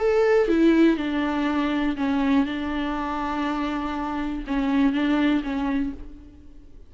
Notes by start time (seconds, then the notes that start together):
0.00 A4
0.49 E4
0.97 D4
1.97 C#4
2.46 D4
4.48 C#4
4.93 D4
5.44 C#4